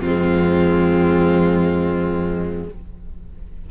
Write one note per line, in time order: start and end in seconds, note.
0.00 2.65 F2
0.00 2.66 C4
0.00 2.65 F4
0.06 2.71 G#3